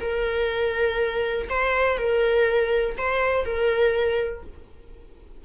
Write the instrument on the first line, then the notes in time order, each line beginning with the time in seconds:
viola
0.00 A#4
1.49 C5
1.97 A#4
2.97 C5
3.45 A#4